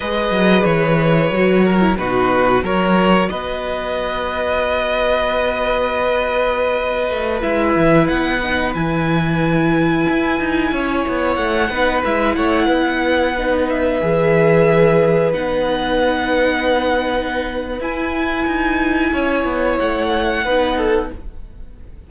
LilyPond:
<<
  \new Staff \with { instrumentName = "violin" } { \time 4/4 \tempo 4 = 91 dis''4 cis''2 b'4 | cis''4 dis''2.~ | dis''2.~ dis''16 e''8.~ | e''16 fis''4 gis''2~ gis''8.~ |
gis''4~ gis''16 fis''4 e''8 fis''4~ fis''16~ | fis''8. e''2~ e''8 fis''8.~ | fis''2. gis''4~ | gis''2 fis''2 | }
  \new Staff \with { instrumentName = "violin" } { \time 4/4 b'2~ b'8 ais'8 fis'4 | ais'4 b'2.~ | b'1~ | b'1~ |
b'16 cis''4. b'4 cis''8 b'8.~ | b'1~ | b'1~ | b'4 cis''2 b'8 a'8 | }
  \new Staff \with { instrumentName = "viola" } { \time 4/4 gis'2 fis'8. e'16 dis'4 | fis'1~ | fis'2.~ fis'16 e'8.~ | e'8. dis'8 e'2~ e'8.~ |
e'4.~ e'16 dis'8 e'4.~ e'16~ | e'16 dis'4 gis'2 dis'8.~ | dis'2. e'4~ | e'2. dis'4 | }
  \new Staff \with { instrumentName = "cello" } { \time 4/4 gis8 fis8 e4 fis4 b,4 | fis4 b2.~ | b2~ b8. a8 gis8 e16~ | e16 b4 e2 e'8 dis'16~ |
dis'16 cis'8 b8 a8 b8 gis8 a8 b8.~ | b4~ b16 e2 b8.~ | b2. e'4 | dis'4 cis'8 b8 a4 b4 | }
>>